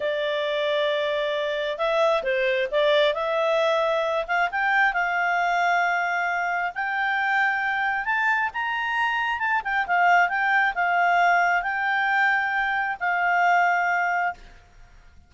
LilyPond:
\new Staff \with { instrumentName = "clarinet" } { \time 4/4 \tempo 4 = 134 d''1 | e''4 c''4 d''4 e''4~ | e''4. f''8 g''4 f''4~ | f''2. g''4~ |
g''2 a''4 ais''4~ | ais''4 a''8 g''8 f''4 g''4 | f''2 g''2~ | g''4 f''2. | }